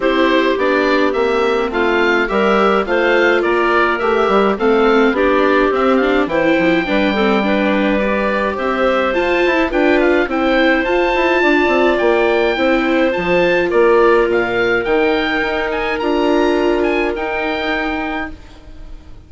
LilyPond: <<
  \new Staff \with { instrumentName = "oboe" } { \time 4/4 \tempo 4 = 105 c''4 d''4 e''4 f''4 | e''4 f''4 d''4 e''4 | f''4 d''4 e''8 f''8 g''4~ | g''2 d''4 e''4 |
a''4 g''8 f''8 g''4 a''4~ | a''4 g''2 a''4 | d''4 f''4 g''4. gis''8 | ais''4. gis''8 g''2 | }
  \new Staff \with { instrumentName = "clarinet" } { \time 4/4 g'2. f'4 | ais'4 c''4 ais'2 | a'4 g'2 c''4 | b'8 a'8 b'2 c''4~ |
c''4 b'4 c''2 | d''2 c''2 | ais'1~ | ais'1 | }
  \new Staff \with { instrumentName = "viola" } { \time 4/4 e'4 d'4 c'2 | g'4 f'2 g'4 | c'4 d'4 c'8 d'8 e'4 | d'8 c'8 d'4 g'2 |
f'8. e'16 f'4 e'4 f'4~ | f'2 e'4 f'4~ | f'2 dis'2 | f'2 dis'2 | }
  \new Staff \with { instrumentName = "bassoon" } { \time 4/4 c'4 b4 ais4 a4 | g4 a4 ais4 a8 g8 | a4 b4 c'4 e8 f8 | g2. c'4 |
f'8 e'8 d'4 c'4 f'8 e'8 | d'8 c'8 ais4 c'4 f4 | ais4 ais,4 dis4 dis'4 | d'2 dis'2 | }
>>